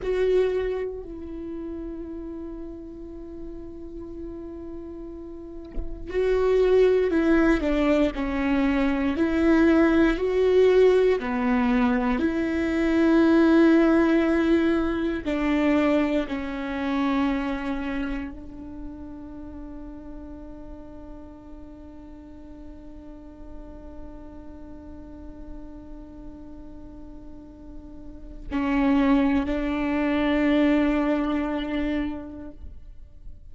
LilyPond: \new Staff \with { instrumentName = "viola" } { \time 4/4 \tempo 4 = 59 fis'4 e'2.~ | e'2 fis'4 e'8 d'8 | cis'4 e'4 fis'4 b4 | e'2. d'4 |
cis'2 d'2~ | d'1~ | d'1 | cis'4 d'2. | }